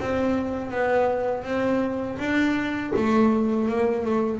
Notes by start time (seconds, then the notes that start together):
0.00 C4
0.71 B3
1.44 C4
2.19 D4
2.97 A3
3.69 A#3
4.06 A3